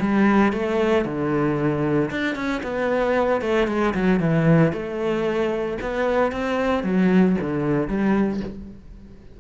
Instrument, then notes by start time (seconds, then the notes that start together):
cello
0.00 G3
0.53 A3
1.05 D3
2.11 D4
2.35 C#4
2.63 B3
3.41 A3
3.67 G#3
3.94 F#3
4.20 E3
4.73 A3
5.81 B3
6.32 C4
6.83 F#3
7.41 D3
7.88 G3